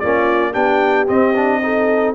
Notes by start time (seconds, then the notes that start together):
0.00 A#3 C#4 F4 D5
0.53 B3 D4 G4 G5
1.08 C4 D#5
1.36 D4
1.62 D#4 A4